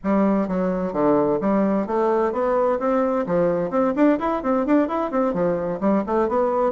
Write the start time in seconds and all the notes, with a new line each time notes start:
0.03 G3
0.48 F#3
0.92 D3
1.40 G3
1.86 A3
2.32 B3
2.79 C4
3.26 F3
3.70 C4
3.95 D4
4.19 E4
4.42 C4
4.66 D4
4.88 E4
5.11 C4
5.33 F3
5.80 G3
6.06 A3
6.28 B3